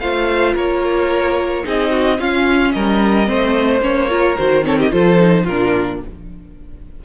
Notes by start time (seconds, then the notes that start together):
0.00 A3 F4 C5 F5
0.54 A#3 A#4 C#5
1.64 C4 D#4 G#4 D#5
1.91 F#4
2.19 C#4 F4 F5
2.72 G3 A#4 D#5
3.26 A3 C4 C5
3.81 A#3 C#4 C#5
4.09 F4 A#4
4.37 D#3 F#4 C5
4.63 C4 A4 C#5
4.78 G4 D#5
4.91 F3 F4 A4 C5
5.19 D#4
5.44 A#2 F4 A#4
5.50 D4